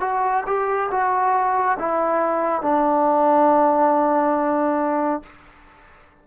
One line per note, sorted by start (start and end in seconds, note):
0.00 0.43 F#4
0.46 0.89 G4
0.91 1.78 F#4
1.79 2.61 E4
2.61 5.22 D4